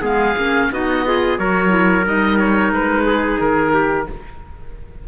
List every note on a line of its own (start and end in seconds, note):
0.00 0.36 G#3
0.00 0.34 B3
0.00 0.68 G#4
0.00 0.72 F5
0.36 0.70 A#3
0.36 0.71 C#4
0.71 1.38 B3
0.71 1.05 D#4
0.71 1.06 F#4
0.71 1.37 D#5
1.05 1.38 F4
1.05 1.39 G#4
1.37 2.05 F#3
1.37 1.68 F#4
1.37 3.06 A#4
1.37 2.05 C#5
1.68 2.02 E4
2.05 2.70 G3
2.05 4.07 D#4
2.05 2.38 D#5
2.38 2.72 C#5
2.70 3.38 G#3
2.70 3.40 B4
3.06 3.73 G#4
3.40 4.07 D#3
3.40 4.07 A#4
3.73 4.07 G4